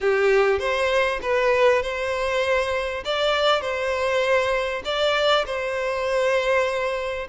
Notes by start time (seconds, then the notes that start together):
0.00 G4
0.59 C5
1.21 B4
1.82 C5
3.05 D5
3.61 C5
4.84 D5
5.45 C5